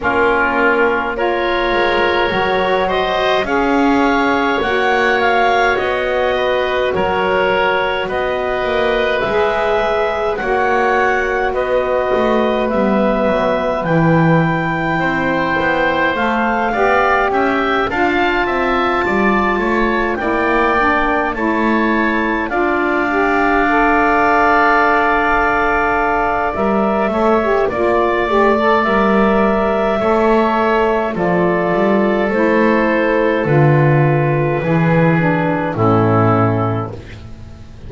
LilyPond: <<
  \new Staff \with { instrumentName = "clarinet" } { \time 4/4 \tempo 4 = 52 ais'4 cis''4. dis''8 f''4 | fis''8 f''8 dis''4 cis''4 dis''4 | e''4 fis''4 dis''4 e''4 | g''2 f''4 g''8 a''8~ |
a''4. g''4 a''4 f''8~ | f''2. e''4 | d''4 e''2 d''4 | c''4 b'2 a'4 | }
  \new Staff \with { instrumentName = "oboe" } { \time 4/4 f'4 ais'4. c''8 cis''4~ | cis''4. b'8 ais'4 b'4~ | b'4 cis''4 b'2~ | b'4 c''4. d''8 e''8 f''8 |
e''8 d''8 cis''8 d''4 cis''4 d''8~ | d''2.~ d''8 cis''8 | d''2 cis''4 a'4~ | a'2 gis'4 e'4 | }
  \new Staff \with { instrumentName = "saxophone" } { \time 4/4 cis'4 f'4 fis'4 gis'4 | fis'1 | gis'4 fis'2 b4 | e'2 a'8 g'4 f'8~ |
f'4. e'8 d'8 e'4 f'8 | g'8 a'2~ a'8 ais'8 a'16 g'16 | f'8 g'16 a'16 ais'4 a'4 f'4 | e'4 f'4 e'8 d'8 cis'4 | }
  \new Staff \with { instrumentName = "double bass" } { \time 4/4 ais4. gis8 fis4 cis'4 | ais4 b4 fis4 b8 ais8 | gis4 ais4 b8 a8 g8 fis8 | e4 c'8 b8 a8 b8 cis'8 d'8 |
c'8 g8 a8 ais4 a4 d'8~ | d'2. g8 a8 | ais8 a8 g4 a4 f8 g8 | a4 d4 e4 a,4 | }
>>